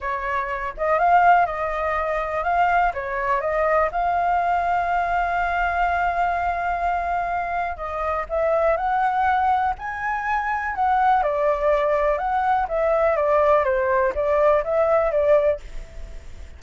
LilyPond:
\new Staff \with { instrumentName = "flute" } { \time 4/4 \tempo 4 = 123 cis''4. dis''8 f''4 dis''4~ | dis''4 f''4 cis''4 dis''4 | f''1~ | f''1 |
dis''4 e''4 fis''2 | gis''2 fis''4 d''4~ | d''4 fis''4 e''4 d''4 | c''4 d''4 e''4 d''4 | }